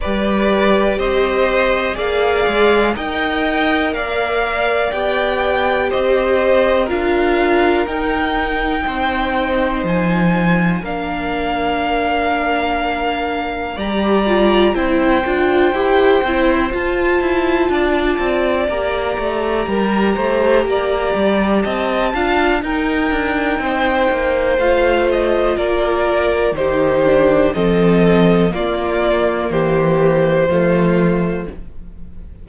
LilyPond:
<<
  \new Staff \with { instrumentName = "violin" } { \time 4/4 \tempo 4 = 61 d''4 dis''4 f''4 g''4 | f''4 g''4 dis''4 f''4 | g''2 gis''4 f''4~ | f''2 ais''4 g''4~ |
g''4 a''2 ais''4~ | ais''2 a''4 g''4~ | g''4 f''8 dis''8 d''4 c''4 | dis''4 d''4 c''2 | }
  \new Staff \with { instrumentName = "violin" } { \time 4/4 b'4 c''4 d''4 dis''4 | d''2 c''4 ais'4~ | ais'4 c''2 ais'4~ | ais'2 d''4 c''4~ |
c''2 d''2 | ais'8 c''8 d''4 dis''8 f''8 ais'4 | c''2 ais'4 g'4 | a'4 f'4 g'4 f'4 | }
  \new Staff \with { instrumentName = "viola" } { \time 4/4 g'2 gis'4 ais'4~ | ais'4 g'2 f'4 | dis'2. d'4~ | d'2 g'8 f'8 e'8 f'8 |
g'8 e'8 f'2 g'4~ | g'2~ g'8 f'8 dis'4~ | dis'4 f'2 dis'8 d'8 | c'4 ais2 a4 | }
  \new Staff \with { instrumentName = "cello" } { \time 4/4 g4 c'4 ais8 gis8 dis'4 | ais4 b4 c'4 d'4 | dis'4 c'4 f4 ais4~ | ais2 g4 c'8 d'8 |
e'8 c'8 f'8 e'8 d'8 c'8 ais8 a8 | g8 a8 ais8 g8 c'8 d'8 dis'8 d'8 | c'8 ais8 a4 ais4 dis4 | f4 ais4 e4 f4 | }
>>